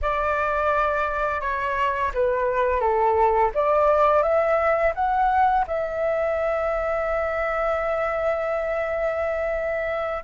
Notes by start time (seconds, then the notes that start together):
0.01 D5
1.41 C#5
2.14 B4
2.80 A4
3.54 D5
4.22 E5
4.94 F#5
5.67 E5